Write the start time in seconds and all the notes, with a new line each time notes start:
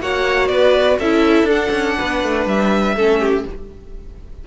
0.00 A#3 F#4 C#5 F#5
0.47 B3 B4 D5
0.98 C#4 E4 A4 E5
1.44 D4
1.50 F#5
1.70 C#4
1.98 B3 B4
2.23 A3
2.46 G3 E5
2.95 A3 C#4 A4
3.20 G4